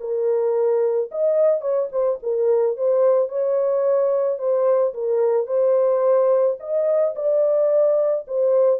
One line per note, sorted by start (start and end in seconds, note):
0.00 1.10 A#4
1.11 1.61 D#5
1.61 1.89 C#5
1.92 2.19 C5
2.23 2.77 A#4
2.77 3.29 C5
3.29 4.38 C#5
4.38 4.93 C5
4.94 5.46 A#4
5.46 6.57 C5
6.60 7.15 D#5
7.15 8.25 D5
8.27 8.80 C5